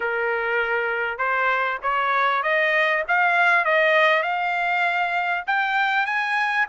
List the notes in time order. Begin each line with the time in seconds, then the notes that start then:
0.00 A#4
1.17 C5
1.82 C#5
2.42 D#5
3.07 F5
3.64 D#5
4.22 F5
5.46 G5
6.06 G#5